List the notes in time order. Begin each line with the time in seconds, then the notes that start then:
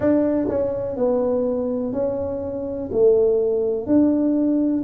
0.00 D4
0.48 C#4
0.96 B3
1.92 C#4
2.92 A3
3.86 D4